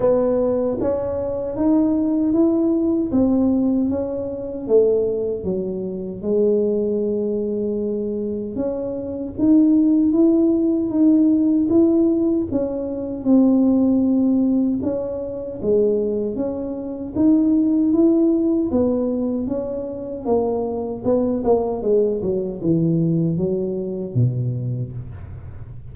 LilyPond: \new Staff \with { instrumentName = "tuba" } { \time 4/4 \tempo 4 = 77 b4 cis'4 dis'4 e'4 | c'4 cis'4 a4 fis4 | gis2. cis'4 | dis'4 e'4 dis'4 e'4 |
cis'4 c'2 cis'4 | gis4 cis'4 dis'4 e'4 | b4 cis'4 ais4 b8 ais8 | gis8 fis8 e4 fis4 b,4 | }